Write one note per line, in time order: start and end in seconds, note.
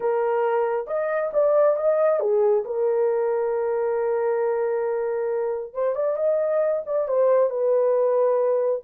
0.00 0.87 A#4
0.87 1.31 D#5
1.33 1.76 D5
1.76 2.19 D#5
2.19 2.64 G#4
2.65 5.73 A#4
5.73 5.95 C5
5.95 6.16 D5
6.16 6.82 D#5
6.86 7.07 D5
7.07 7.50 C5
7.50 8.82 B4